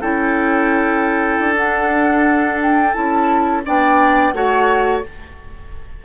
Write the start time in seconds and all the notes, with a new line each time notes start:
0.00 C#4 E4 A4 G5
1.39 D4
1.56 D4 F#5
2.62 G5
2.94 C#4 E4 A5
3.65 B3 D4 D5 G5
4.33 A3 F#4 C#5 F#5